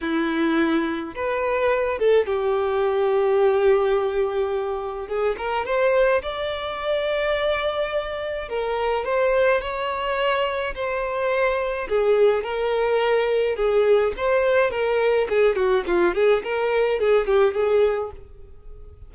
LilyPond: \new Staff \with { instrumentName = "violin" } { \time 4/4 \tempo 4 = 106 e'2 b'4. a'8 | g'1~ | g'4 gis'8 ais'8 c''4 d''4~ | d''2. ais'4 |
c''4 cis''2 c''4~ | c''4 gis'4 ais'2 | gis'4 c''4 ais'4 gis'8 fis'8 | f'8 gis'8 ais'4 gis'8 g'8 gis'4 | }